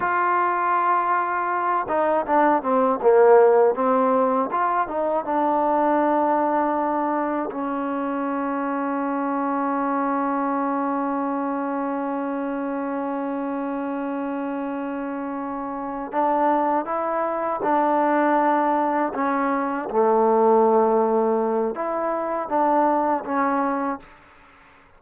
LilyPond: \new Staff \with { instrumentName = "trombone" } { \time 4/4 \tempo 4 = 80 f'2~ f'8 dis'8 d'8 c'8 | ais4 c'4 f'8 dis'8 d'4~ | d'2 cis'2~ | cis'1~ |
cis'1~ | cis'4. d'4 e'4 d'8~ | d'4. cis'4 a4.~ | a4 e'4 d'4 cis'4 | }